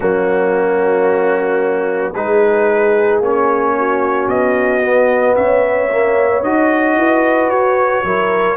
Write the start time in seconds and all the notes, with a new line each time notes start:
0.00 F#3 A#3 C#4 F#4
2.13 G#3 D#4 G#4 B4
3.20 A#3 C#4 C#5
3.78 F#4
4.27 B3 D#5
4.81 B3
5.36 C#4 C#5 E5
5.91 A#3
6.42 D#4 F#4 D#5
6.96 E4 B4
7.49 F#4 C#5
8.03 F#3 E4 A#4